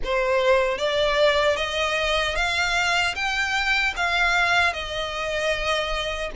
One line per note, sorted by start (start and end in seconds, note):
0.04 0.78 C5
0.78 1.56 D5
1.56 2.35 D#5
2.35 3.14 F5
3.15 3.94 G5
3.96 4.73 F5
4.73 6.31 D#5